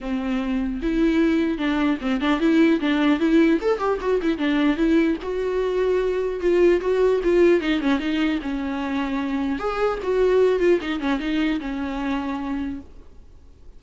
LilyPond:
\new Staff \with { instrumentName = "viola" } { \time 4/4 \tempo 4 = 150 c'2 e'2 | d'4 c'8 d'8 e'4 d'4 | e'4 a'8 g'8 fis'8 e'8 d'4 | e'4 fis'2. |
f'4 fis'4 f'4 dis'8 cis'8 | dis'4 cis'2. | gis'4 fis'4. f'8 dis'8 cis'8 | dis'4 cis'2. | }